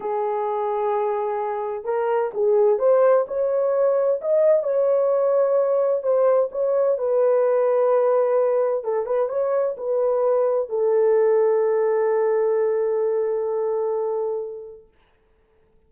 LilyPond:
\new Staff \with { instrumentName = "horn" } { \time 4/4 \tempo 4 = 129 gis'1 | ais'4 gis'4 c''4 cis''4~ | cis''4 dis''4 cis''2~ | cis''4 c''4 cis''4 b'4~ |
b'2. a'8 b'8 | cis''4 b'2 a'4~ | a'1~ | a'1 | }